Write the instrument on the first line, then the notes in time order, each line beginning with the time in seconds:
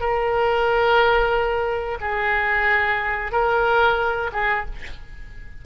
oboe
0.00 A#4
2.00 G#4
3.31 A#4
4.32 G#4